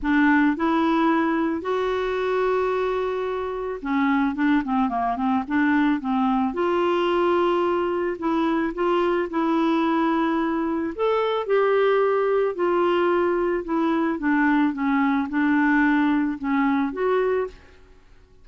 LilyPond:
\new Staff \with { instrumentName = "clarinet" } { \time 4/4 \tempo 4 = 110 d'4 e'2 fis'4~ | fis'2. cis'4 | d'8 c'8 ais8 c'8 d'4 c'4 | f'2. e'4 |
f'4 e'2. | a'4 g'2 f'4~ | f'4 e'4 d'4 cis'4 | d'2 cis'4 fis'4 | }